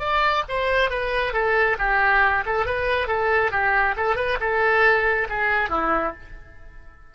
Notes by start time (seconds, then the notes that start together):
0.00 D5
0.49 C5
0.91 B4
1.34 A4
1.79 G4
2.46 A4
2.66 B4
3.08 A4
3.52 G4
3.97 A4
4.16 B4
4.41 A4
5.30 G#4
5.70 E4